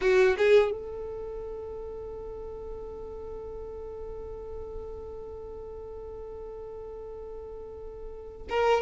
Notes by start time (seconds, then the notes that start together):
0.01 F#4
0.37 G#4
0.71 A4
8.49 A#4